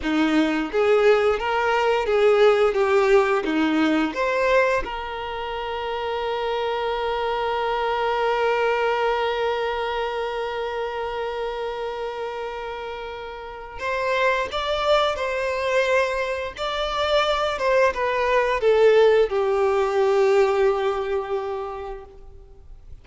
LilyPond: \new Staff \with { instrumentName = "violin" } { \time 4/4 \tempo 4 = 87 dis'4 gis'4 ais'4 gis'4 | g'4 dis'4 c''4 ais'4~ | ais'1~ | ais'1~ |
ais'1 | c''4 d''4 c''2 | d''4. c''8 b'4 a'4 | g'1 | }